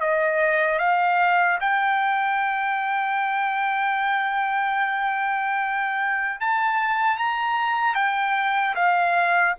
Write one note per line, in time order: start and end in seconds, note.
0.00 0.79 D#5
0.79 1.59 F5
1.60 6.40 G5
6.40 7.17 A5
7.17 7.95 A#5
7.95 8.75 G5
8.75 9.55 F5